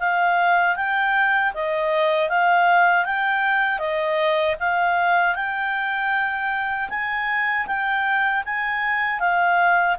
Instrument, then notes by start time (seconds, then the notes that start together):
clarinet
0.00 F5
0.77 G5
1.54 D#5
2.29 F5
3.06 G5
3.79 D#5
4.60 F5
5.36 G5
6.90 G#5
7.67 G5
8.45 G#5
9.20 F5